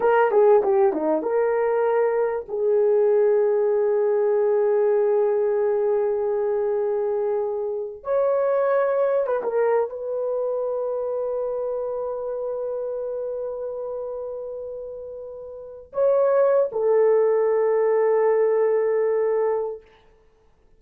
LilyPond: \new Staff \with { instrumentName = "horn" } { \time 4/4 \tempo 4 = 97 ais'8 gis'8 g'8 dis'8 ais'2 | gis'1~ | gis'1~ | gis'4 cis''2 b'16 ais'8. |
b'1~ | b'1~ | b'4.~ b'16 cis''4~ cis''16 a'4~ | a'1 | }